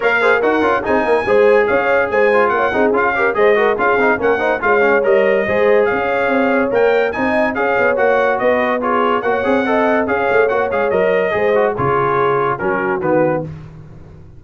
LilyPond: <<
  \new Staff \with { instrumentName = "trumpet" } { \time 4/4 \tempo 4 = 143 f''4 fis''4 gis''2 | f''4 gis''4 fis''4 f''4 | dis''4 f''4 fis''4 f''4 | dis''2 f''2 |
g''4 gis''4 f''4 fis''4 | dis''4 cis''4 fis''2 | f''4 fis''8 f''8 dis''2 | cis''2 ais'4 b'4 | }
  \new Staff \with { instrumentName = "horn" } { \time 4/4 cis''8 c''8 ais'4 gis'8 ais'8 c''4 | cis''4 c''4 cis''8 gis'4 ais'8 | c''8 ais'8 gis'4 ais'8 c''8 cis''4~ | cis''4 c''4 cis''2~ |
cis''4 dis''4 cis''2 | b'4 gis'4 cis''4 dis''4 | cis''2. c''4 | gis'2 fis'2 | }
  \new Staff \with { instrumentName = "trombone" } { \time 4/4 ais'8 gis'8 fis'8 f'8 dis'4 gis'4~ | gis'4. f'4 dis'8 f'8 g'8 | gis'8 fis'8 f'8 dis'8 cis'8 dis'8 f'8 cis'8 | ais'4 gis'2. |
ais'4 dis'4 gis'4 fis'4~ | fis'4 f'4 fis'8 gis'8 a'4 | gis'4 fis'8 gis'8 ais'4 gis'8 fis'8 | f'2 cis'4 b4 | }
  \new Staff \with { instrumentName = "tuba" } { \time 4/4 ais4 dis'8 cis'8 c'8 ais8 gis4 | cis'4 gis4 ais8 c'8 cis'4 | gis4 cis'8 c'8 ais4 gis4 | g4 gis4 cis'4 c'4 |
ais4 c'4 cis'8 b8 ais4 | b2 ais8 c'4. | cis'8 a8 ais8 gis8 fis4 gis4 | cis2 fis4 dis4 | }
>>